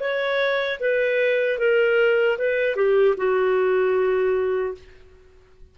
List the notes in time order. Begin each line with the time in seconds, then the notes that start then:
0.00 C#5
0.80 B4
1.59 A#4
2.38 B4
2.76 G4
3.17 F#4